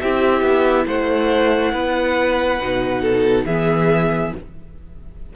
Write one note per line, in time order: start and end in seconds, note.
0.00 0.41 C4
0.00 2.61 E4
0.00 0.86 G4
0.00 0.87 E5
0.41 0.85 B3
0.86 1.72 A3
0.86 1.73 C5
0.86 3.46 F#5
1.72 2.59 B3
1.72 3.01 B4
2.61 3.45 B2
2.61 3.48 D#4
3.01 3.45 A4
3.45 4.32 E3
3.45 4.35 B3
3.45 4.33 G#4
3.45 4.33 E5